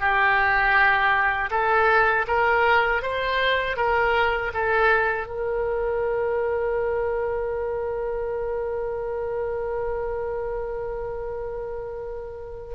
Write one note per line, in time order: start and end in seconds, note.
0.00 1.50 G4
1.51 2.26 A4
2.28 3.02 A#4
3.02 3.77 C5
3.77 4.52 A#4
4.54 5.27 A4
5.27 12.75 A#4